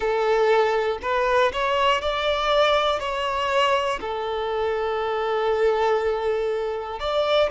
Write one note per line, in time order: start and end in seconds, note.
0.00 0.99 A4
1.01 1.51 B4
1.52 2.01 C#5
2.01 3.00 D5
3.00 4.00 C#5
4.00 7.00 A4
7.00 7.50 D5